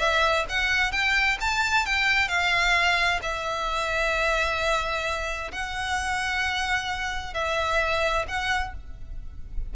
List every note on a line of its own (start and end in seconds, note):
0.00 0.46 E5
0.50 0.92 F#5
0.92 1.38 G5
1.41 1.86 A5
1.86 2.29 G5
2.29 3.21 F5
3.23 5.52 E5
5.52 7.34 F#5
7.34 8.26 E5
8.28 8.74 F#5